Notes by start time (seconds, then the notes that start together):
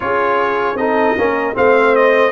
0.00 C#4 F4 G#4 C#5
0.74 C4 D#4 A4 D#5
1.16 A#3 C#4 A#4
1.53 A3 C4 C5 F5
1.95 D#5